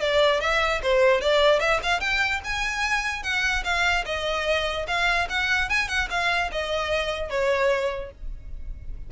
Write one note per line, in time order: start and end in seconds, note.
0.00 0.40 D5
0.40 0.81 E5
0.82 1.21 C5
1.21 1.60 D5
1.60 1.80 E5
1.83 2.00 F5
2.00 2.40 G5
2.44 3.23 G#5
3.23 3.63 F#5
3.64 4.04 F5
4.05 4.86 D#5
4.87 5.28 F5
5.29 5.69 F#5
5.69 5.88 G#5
5.88 6.08 F#5
6.10 6.50 F5
6.52 7.30 D#5
7.30 8.11 C#5